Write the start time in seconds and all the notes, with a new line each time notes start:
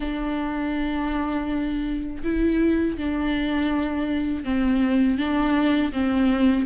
0.00 D4
2.23 E4
2.97 D4
4.44 C4
5.18 D4
5.92 C4